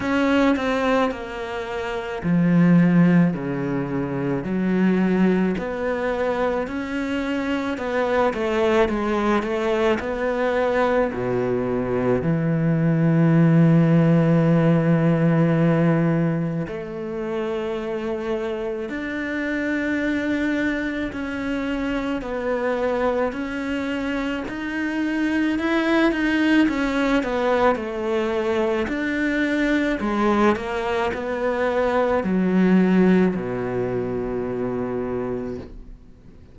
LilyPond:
\new Staff \with { instrumentName = "cello" } { \time 4/4 \tempo 4 = 54 cis'8 c'8 ais4 f4 cis4 | fis4 b4 cis'4 b8 a8 | gis8 a8 b4 b,4 e4~ | e2. a4~ |
a4 d'2 cis'4 | b4 cis'4 dis'4 e'8 dis'8 | cis'8 b8 a4 d'4 gis8 ais8 | b4 fis4 b,2 | }